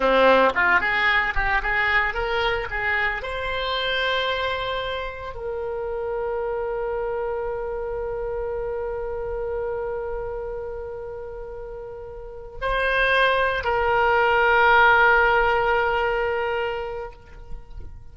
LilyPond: \new Staff \with { instrumentName = "oboe" } { \time 4/4 \tempo 4 = 112 c'4 f'8 gis'4 g'8 gis'4 | ais'4 gis'4 c''2~ | c''2 ais'2~ | ais'1~ |
ais'1~ | ais'2.~ ais'8 c''8~ | c''4. ais'2~ ais'8~ | ais'1 | }